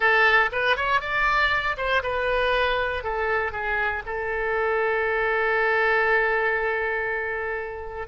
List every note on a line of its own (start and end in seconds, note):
0.00 0.50 A4
0.52 0.76 B4
0.76 1.00 C#5
1.00 1.76 D5
1.77 2.02 C5
2.02 3.03 B4
3.03 3.52 A4
3.52 4.02 G#4
4.06 8.07 A4